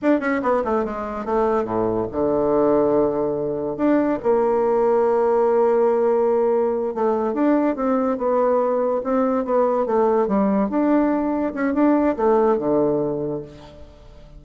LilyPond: \new Staff \with { instrumentName = "bassoon" } { \time 4/4 \tempo 4 = 143 d'8 cis'8 b8 a8 gis4 a4 | a,4 d2.~ | d4 d'4 ais2~ | ais1~ |
ais8 a4 d'4 c'4 b8~ | b4. c'4 b4 a8~ | a8 g4 d'2 cis'8 | d'4 a4 d2 | }